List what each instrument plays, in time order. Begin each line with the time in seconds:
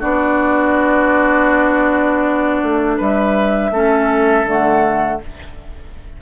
0.00 bassoon B3, clarinet D4, oboe F#4, flute D5
2.63 bassoon A3
2.97 bassoon G3, oboe B4, flute E5
3.71 bassoon A3, clarinet C#4, oboe A4
4.45 bassoon D3, clarinet A3, flute F#5